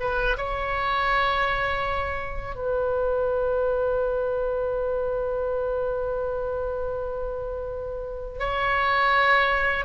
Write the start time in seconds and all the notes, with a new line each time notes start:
0.00 B4
0.37 C#5
2.55 B4
8.39 C#5